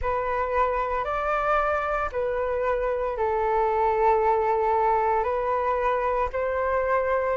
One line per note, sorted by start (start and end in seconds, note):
0.01 1.04 B4
1.04 2.09 D5
2.11 3.17 B4
3.17 5.23 A4
5.23 6.29 B4
6.32 7.37 C5